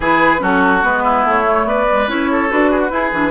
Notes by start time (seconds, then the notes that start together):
0.00 E3 E4 G#4 B4
0.39 F#3 C#4 F#4 A4
0.82 G#3 B3 B4
1.03 E4
1.24 A3 C#5
1.44 A3
1.64 B3 B4 D5
1.90 G#3
2.08 C#4 E4 C#5
2.31 A4
2.49 D4 F#4 B4
2.70 G#4
2.79 F#4
2.89 E4 G#4
3.12 E3 D4